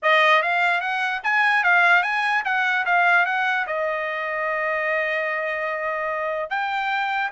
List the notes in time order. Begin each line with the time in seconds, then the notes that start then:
0.02 D#5
0.42 F5
0.80 F#5
1.23 G#5
1.63 F5
2.02 G#5
2.44 F#5
2.85 F5
3.25 F#5
3.67 D#5
6.50 G5